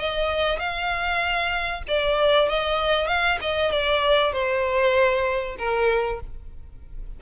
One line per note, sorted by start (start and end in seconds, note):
0.00 0.59 D#5
0.59 1.83 F5
1.88 2.49 D5
2.49 3.08 D#5
3.08 3.39 F5
3.41 3.72 D#5
3.72 4.33 D5
4.33 5.57 C5
5.59 6.21 A#4